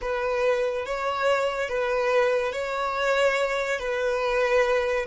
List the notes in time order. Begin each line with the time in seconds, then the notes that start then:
0.01 B4
0.85 C#5
1.68 B4
2.52 C#5
3.79 B4